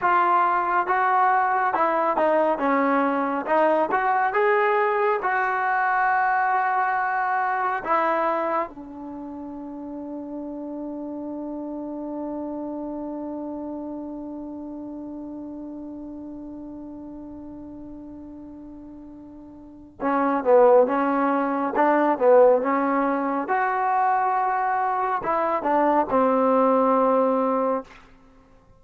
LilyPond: \new Staff \with { instrumentName = "trombone" } { \time 4/4 \tempo 4 = 69 f'4 fis'4 e'8 dis'8 cis'4 | dis'8 fis'8 gis'4 fis'2~ | fis'4 e'4 d'2~ | d'1~ |
d'1~ | d'2. cis'8 b8 | cis'4 d'8 b8 cis'4 fis'4~ | fis'4 e'8 d'8 c'2 | }